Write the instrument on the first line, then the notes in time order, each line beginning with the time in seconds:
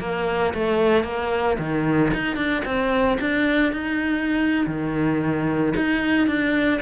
cello
0.00 A#3
0.54 A3
1.04 A#3
1.59 D#3
2.14 D#4
2.36 D4
2.65 C4
3.21 D4
3.73 D#4
4.67 D#3
5.77 D#4
6.28 D4